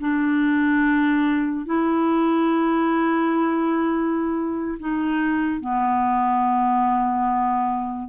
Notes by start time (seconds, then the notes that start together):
0.00 D4
1.66 E4
4.79 D#4
5.61 B3